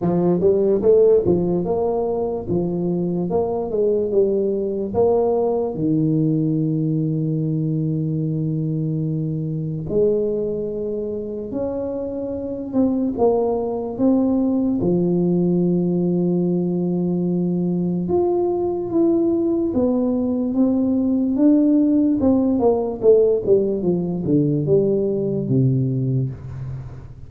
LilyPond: \new Staff \with { instrumentName = "tuba" } { \time 4/4 \tempo 4 = 73 f8 g8 a8 f8 ais4 f4 | ais8 gis8 g4 ais4 dis4~ | dis1 | gis2 cis'4. c'8 |
ais4 c'4 f2~ | f2 f'4 e'4 | b4 c'4 d'4 c'8 ais8 | a8 g8 f8 d8 g4 c4 | }